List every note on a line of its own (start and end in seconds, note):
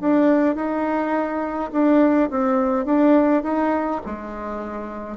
0.00 0.55 D4
0.55 1.70 D#4
1.72 2.29 D4
2.30 2.85 C4
2.85 3.42 D4
3.43 4.00 D#4
4.05 5.17 G#3